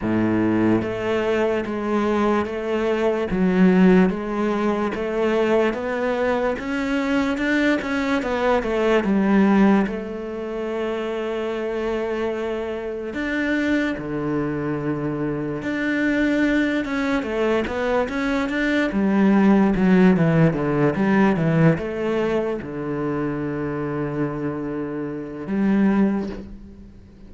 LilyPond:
\new Staff \with { instrumentName = "cello" } { \time 4/4 \tempo 4 = 73 a,4 a4 gis4 a4 | fis4 gis4 a4 b4 | cis'4 d'8 cis'8 b8 a8 g4 | a1 |
d'4 d2 d'4~ | d'8 cis'8 a8 b8 cis'8 d'8 g4 | fis8 e8 d8 g8 e8 a4 d8~ | d2. g4 | }